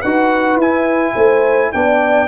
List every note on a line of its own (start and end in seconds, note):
0.00 0.56 D#4
0.00 0.61 F#4
0.00 1.13 B4
0.00 0.58 F#5
0.56 1.12 E4
0.56 1.73 E4
0.56 1.72 G#5
1.13 1.72 A3
1.13 1.70 C5
1.72 2.28 B3
1.72 2.28 D4
1.72 2.28 D5
1.72 2.28 G5